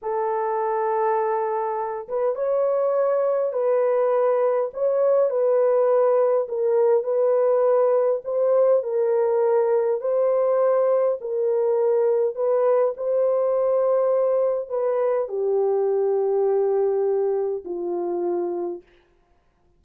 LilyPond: \new Staff \with { instrumentName = "horn" } { \time 4/4 \tempo 4 = 102 a'2.~ a'8 b'8 | cis''2 b'2 | cis''4 b'2 ais'4 | b'2 c''4 ais'4~ |
ais'4 c''2 ais'4~ | ais'4 b'4 c''2~ | c''4 b'4 g'2~ | g'2 f'2 | }